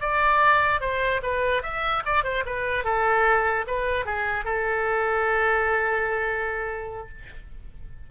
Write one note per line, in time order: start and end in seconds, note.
0.00 0.80 D5
0.80 1.21 C5
1.22 1.62 B4
1.62 2.03 E5
2.05 2.24 D5
2.24 2.44 C5
2.46 2.84 B4
2.84 3.65 A4
3.67 4.05 B4
4.05 4.45 G#4
4.45 7.08 A4